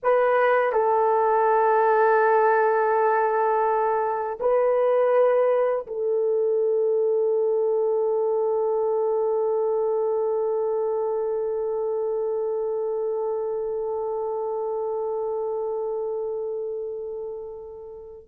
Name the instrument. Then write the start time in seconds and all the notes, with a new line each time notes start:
horn
0.02 B4
0.72 A4
4.40 B4
5.87 A4